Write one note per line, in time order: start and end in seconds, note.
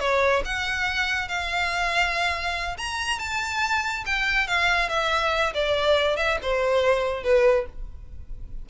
0.00 0.43 C#5
0.45 1.28 F#5
1.28 2.77 F5
2.78 3.19 A#5
3.19 4.04 A5
4.06 4.47 G5
4.47 4.89 F5
4.89 5.53 E5
5.54 6.17 D5
6.17 6.38 E5
6.42 7.23 C5
7.23 7.66 B4